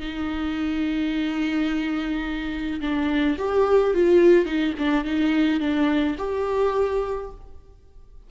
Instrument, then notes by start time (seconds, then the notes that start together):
viola
0.00 D#4
2.81 D4
3.38 G4
3.94 F4
4.46 D#4
4.78 D4
5.04 D#4
5.60 D4
6.18 G4